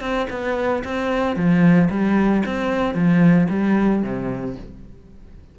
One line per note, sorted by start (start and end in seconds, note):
0.00 0.27 C4
0.30 0.83 B3
0.84 1.35 C4
1.35 1.88 F3
1.90 2.43 G3
2.45 2.94 C4
2.94 3.47 F3
3.49 4.02 G3
4.03 4.56 C3